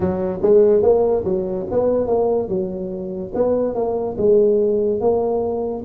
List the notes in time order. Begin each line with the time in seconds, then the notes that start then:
0.00 F#3
0.42 G#3
0.82 A#3
1.24 F#3
1.70 B3
2.06 A#3
2.48 F#3
3.34 B3
3.75 A#3
4.17 G#3
5.00 A#3